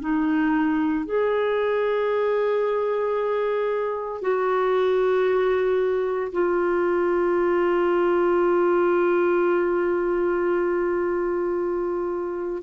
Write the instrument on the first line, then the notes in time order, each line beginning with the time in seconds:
clarinet
0.00 D#4
1.05 G#4
4.21 F#4
6.32 F4